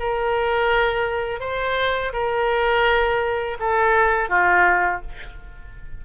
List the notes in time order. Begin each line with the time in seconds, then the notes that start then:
0.00 A#4
1.41 C5
2.13 A#4
3.60 A4
4.30 F4